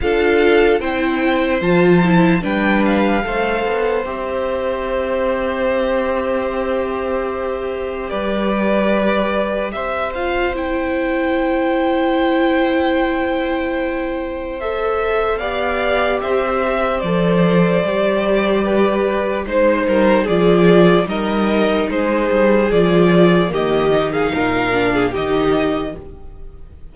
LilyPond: <<
  \new Staff \with { instrumentName = "violin" } { \time 4/4 \tempo 4 = 74 f''4 g''4 a''4 g''8 f''8~ | f''4 e''2.~ | e''2 d''2 | e''8 f''8 g''2.~ |
g''2 e''4 f''4 | e''4 d''2. | c''4 d''4 dis''4 c''4 | d''4 dis''8. f''4~ f''16 dis''4 | }
  \new Staff \with { instrumentName = "violin" } { \time 4/4 a'4 c''2 b'4 | c''1~ | c''2 b'2 | c''1~ |
c''2. d''4 | c''2. b'4 | c''8 ais'8 gis'4 ais'4 gis'4~ | gis'4 g'8. gis'16 ais'8. gis'16 g'4 | }
  \new Staff \with { instrumentName = "viola" } { \time 4/4 f'4 e'4 f'8 e'8 d'4 | a'4 g'2.~ | g'1~ | g'8 f'8 e'2.~ |
e'2 a'4 g'4~ | g'4 a'4 g'2 | dis'4 f'4 dis'2 | f'4 ais8 dis'4 d'8 dis'4 | }
  \new Staff \with { instrumentName = "cello" } { \time 4/4 d'4 c'4 f4 g4 | a8 b8 c'2.~ | c'2 g2 | c'1~ |
c'2. b4 | c'4 f4 g2 | gis8 g8 f4 g4 gis8 g8 | f4 dis4 ais,4 dis4 | }
>>